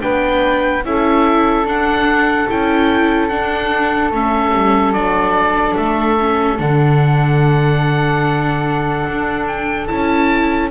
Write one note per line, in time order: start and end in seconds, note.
0.00 0.84 B3
0.00 0.82 D4
0.00 0.85 B4
0.00 0.84 G5
0.84 1.65 C#4
0.84 1.66 E4
0.84 10.72 A4
0.84 1.68 E5
1.65 2.47 D4
1.65 2.48 D4
1.65 2.50 F#5
2.49 3.31 C#4
2.49 3.30 E4
2.49 3.29 G5
3.29 4.13 D4
3.29 4.11 D4
3.29 4.11 F#5
4.11 4.53 A3
4.11 4.95 C#4
4.11 4.93 E5
4.53 4.93 G3
4.93 5.76 F#3
4.93 6.18 D4
4.93 5.76 D5
5.77 6.60 A3
5.77 6.59 E5
6.20 6.58 C#4
6.58 9.06 D3
6.58 9.87 D4
6.58 9.48 F#5
9.08 9.90 D4
9.48 9.88 G5
9.88 10.72 C#4
9.88 10.71 E4
9.88 10.70 A5